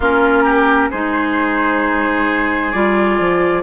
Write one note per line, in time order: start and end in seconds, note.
0.00 0.91 A#3
0.00 0.92 C#4
0.00 0.43 F4
0.00 0.90 A#4
0.43 0.89 G4
0.90 2.74 G#3
0.90 2.73 D#4
0.90 3.63 G#4
0.90 2.71 C5
2.71 3.19 G3
2.71 3.63 F4
2.71 3.62 D5
3.19 3.63 F3